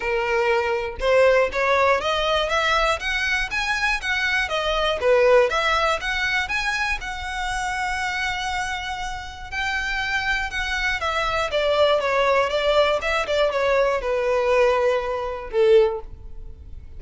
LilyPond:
\new Staff \with { instrumentName = "violin" } { \time 4/4 \tempo 4 = 120 ais'2 c''4 cis''4 | dis''4 e''4 fis''4 gis''4 | fis''4 dis''4 b'4 e''4 | fis''4 gis''4 fis''2~ |
fis''2. g''4~ | g''4 fis''4 e''4 d''4 | cis''4 d''4 e''8 d''8 cis''4 | b'2. a'4 | }